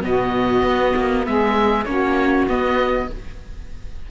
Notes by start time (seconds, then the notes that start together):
0.00 B2 B3 F#4 D#5
0.62 B3
0.95 A#3
1.26 G#3 G#4 E5
1.84 A#3 C#4 F#4 C#5
2.48 B3 D#5